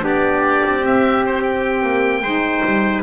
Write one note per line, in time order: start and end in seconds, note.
0.00 0.63 B3
0.00 0.80 D4
0.00 2.23 G4
0.06 0.86 D5
0.65 1.83 C4
0.83 2.23 C4
0.83 1.26 E5
1.26 1.43 C5
1.43 3.03 G5
1.83 2.22 A#3
2.22 2.62 G#3
2.22 3.03 D#4
2.22 3.03 C5
2.65 3.03 G3